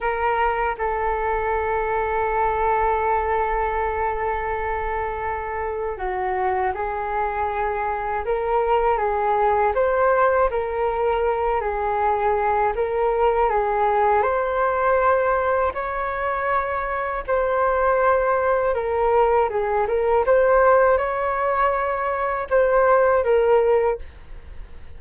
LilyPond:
\new Staff \with { instrumentName = "flute" } { \time 4/4 \tempo 4 = 80 ais'4 a'2.~ | a'1 | fis'4 gis'2 ais'4 | gis'4 c''4 ais'4. gis'8~ |
gis'4 ais'4 gis'4 c''4~ | c''4 cis''2 c''4~ | c''4 ais'4 gis'8 ais'8 c''4 | cis''2 c''4 ais'4 | }